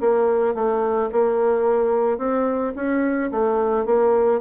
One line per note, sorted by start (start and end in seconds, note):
0.00 0.54 A#3
0.54 1.09 A3
1.12 2.18 A#3
2.18 2.73 C4
2.75 3.30 C#4
3.31 3.85 A3
3.85 4.40 A#3